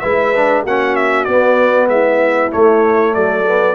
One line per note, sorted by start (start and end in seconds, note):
0.00 0.65 G#3
0.00 0.34 E4
0.00 0.62 B4
0.00 0.62 E5
0.35 0.67 D4
0.62 1.27 A#3
0.62 1.28 C#4
0.62 1.88 F#4
0.62 0.96 F#5
0.96 1.25 E5
1.25 1.88 B3
1.25 2.51 B3
1.25 1.87 D5
1.88 2.50 G#3
1.88 3.14 E4
1.88 2.51 E5
2.51 3.45 A3
2.51 3.16 A3
2.51 3.14 C#5
3.14 3.75 F#3
3.14 3.75 A4
3.14 3.75 D5
3.46 3.75 B3